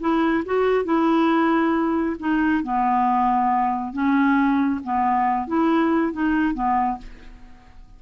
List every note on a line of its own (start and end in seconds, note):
0.00 0.44 E4
0.45 0.85 F#4
0.85 2.16 E4
2.19 2.63 D#4
2.63 3.93 B3
3.93 4.81 C#4
4.84 5.47 B3
5.47 6.12 E4
6.12 6.54 D#4
6.54 6.98 B3